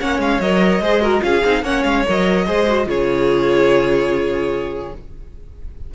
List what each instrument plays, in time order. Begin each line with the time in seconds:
0.00 cello A#3, viola C#4, violin C#5 F#5
0.19 cello G#3, violin F5
0.40 cello F#3, viola A#4, violin D#5
0.80 cello G#3, viola G#4, violin C5
1.02 viola F#4, violin A#4
1.21 cello C#4, viola F4, violin G#4 F5
1.45 cello C4, viola D#4
1.63 cello A#3, viola C#4, violin C#5 F#5
1.83 cello G#3, violin F5
2.07 cello F#3, viola A#4, violin D#5
2.47 cello G#3, viola G#4, violin C5
2.68 viola F#4
2.86 cello C#3, viola F4, violin G#4 C#5